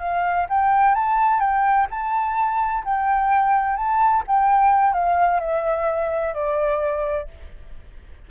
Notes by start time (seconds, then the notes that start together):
0.00 F5
0.49 G5
0.95 A5
1.41 G5
1.91 A5
2.85 G5
3.77 A5
4.28 G5
4.94 F5
5.41 E5
6.34 D5